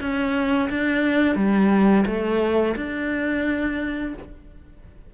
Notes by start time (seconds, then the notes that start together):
0.00 C#4
0.70 D4
1.35 G3
2.06 A3
2.76 D4